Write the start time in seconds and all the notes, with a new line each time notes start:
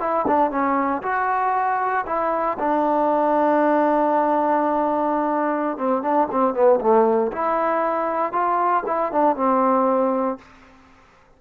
0.00 E4
0.27 D4
0.51 C#4
1.03 F#4
2.06 E4
2.59 D4
5.77 C4
6.02 D4
6.31 C4
6.54 B3
6.80 A3
7.32 E4
8.32 F4
8.86 E4
9.12 D4
9.36 C4